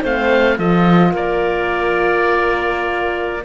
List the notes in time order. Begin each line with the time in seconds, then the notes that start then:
0.00 A3 C4 C5 F5
0.56 F3 F4 A4 D#5
1.11 A#3 A#4 D5